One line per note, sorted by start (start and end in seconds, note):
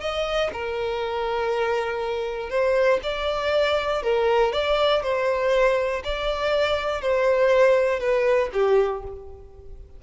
0.00 0.50 D#5
0.53 2.50 A#4
2.50 3.00 C5
3.03 4.03 D5
4.03 4.52 A#4
4.52 5.02 D5
5.03 6.03 C5
6.04 7.01 D5
7.01 8.00 C5
8.00 8.50 B4
8.53 9.03 G4